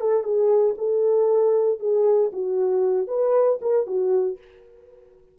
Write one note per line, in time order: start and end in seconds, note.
0.00 0.23 A4
0.23 0.75 G#4
0.78 1.79 A4
1.79 2.31 G#4
2.33 3.08 F#4
3.08 3.59 B4
3.61 3.87 A#4
3.87 4.38 F#4